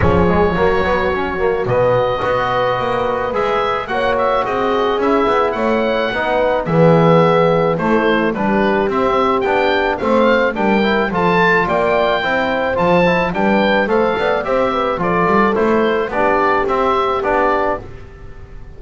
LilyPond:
<<
  \new Staff \with { instrumentName = "oboe" } { \time 4/4 \tempo 4 = 108 cis''2. dis''4~ | dis''2 e''4 fis''8 e''8 | dis''4 e''4 fis''2 | e''2 c''4 b'4 |
e''4 g''4 f''4 g''4 | a''4 g''2 a''4 | g''4 f''4 e''4 d''4 | c''4 d''4 e''4 d''4 | }
  \new Staff \with { instrumentName = "horn" } { \time 4/4 gis'4 fis'2. | b'2. cis''4 | gis'2 cis''4 b'4 | gis'2 e'4 g'4~ |
g'2 c''4 ais'4 | a'4 d''4 c''2 | b'4 c''8 d''8 c''8 b'8 a'4~ | a'4 g'2. | }
  \new Staff \with { instrumentName = "trombone" } { \time 4/4 cis'8 gis8 ais8 b8 cis'8 ais8 b4 | fis'2 gis'4 fis'4~ | fis'4 e'2 dis'4 | b2 a4 d'4 |
c'4 d'4 c'4 d'8 e'8 | f'2 e'4 f'8 e'8 | d'4 a'4 g'4 f'4 | e'4 d'4 c'4 d'4 | }
  \new Staff \with { instrumentName = "double bass" } { \time 4/4 f4 fis2 b,4 | b4 ais4 gis4 ais4 | c'4 cis'8 b8 a4 b4 | e2 a4 g4 |
c'4 b4 a4 g4 | f4 ais4 c'4 f4 | g4 a8 b8 c'4 f8 g8 | a4 b4 c'4 b4 | }
>>